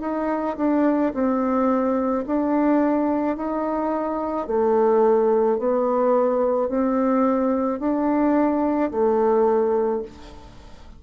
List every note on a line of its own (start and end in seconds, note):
0.00 0.56 D#4
0.57 1.12 D4
1.13 2.24 C4
2.26 3.36 D4
3.36 4.46 D#4
4.46 5.58 A3
5.58 6.68 B3
6.68 7.79 C4
7.79 8.90 D4
8.91 10.02 A3